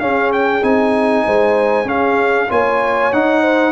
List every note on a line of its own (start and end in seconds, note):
0.00 0.63 C#4
0.00 1.25 G#4
0.00 0.31 F5
0.33 0.64 G5
0.63 1.26 C4
0.63 1.86 D#4
0.63 1.89 G#5
1.25 1.85 G#3
1.25 1.88 C5
1.85 2.48 C#4
1.85 2.49 G#4
1.85 2.51 F5
2.49 3.13 A#3
2.49 3.12 F4
2.49 3.42 C#5
2.49 3.13 G#5
3.13 3.72 D#4
3.13 3.72 F#5
3.42 3.72 C5